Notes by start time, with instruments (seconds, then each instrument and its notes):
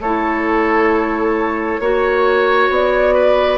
0.00 bassoon A3, clarinet E4, oboe A4, flute C#5
1.80 bassoon A#3, clarinet F#4, oboe C#5
2.69 bassoon B3, flute D5
3.14 oboe B4